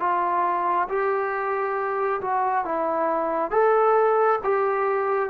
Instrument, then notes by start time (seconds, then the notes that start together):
trombone
0.00 F4
0.89 G4
2.21 F#4
2.66 E4
3.51 A4
4.44 G4